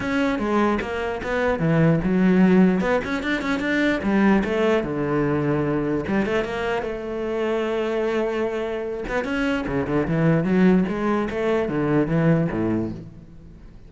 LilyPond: \new Staff \with { instrumentName = "cello" } { \time 4/4 \tempo 4 = 149 cis'4 gis4 ais4 b4 | e4 fis2 b8 cis'8 | d'8 cis'8 d'4 g4 a4 | d2. g8 a8 |
ais4 a2.~ | a2~ a8 b8 cis'4 | cis8 d8 e4 fis4 gis4 | a4 d4 e4 a,4 | }